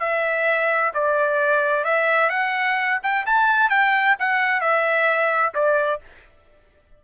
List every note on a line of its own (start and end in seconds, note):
0.00 0.92 E5
0.94 1.85 D5
1.85 2.30 E5
2.30 2.99 F#5
3.03 3.26 G5
3.26 3.70 A5
3.70 4.16 G5
4.19 4.61 F#5
4.61 5.54 E5
5.55 6.01 D5